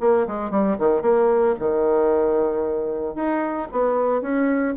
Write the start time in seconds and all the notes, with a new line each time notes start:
0.00 A#3
0.27 G#3
0.50 G3
0.79 D#3
1.02 A#3
1.59 D#3
3.15 D#4
3.72 B3
4.21 C#4